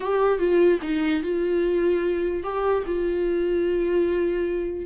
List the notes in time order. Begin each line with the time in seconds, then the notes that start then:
0.00 G4
0.39 F4
0.82 D#4
1.23 F4
2.43 G4
2.86 F4